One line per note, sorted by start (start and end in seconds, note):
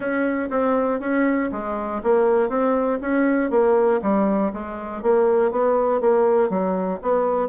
0.00 0.49 C#4
0.50 1.00 C4
1.00 1.50 C#4
1.51 2.01 G#3
2.03 2.49 A#3
2.49 2.99 C4
3.01 3.50 C#4
3.50 4.00 A#3
4.02 4.52 G3
4.53 5.02 G#3
5.02 5.51 A#3
5.51 6.00 B3
6.00 6.49 A#3
6.49 6.99 F#3
7.02 7.48 B3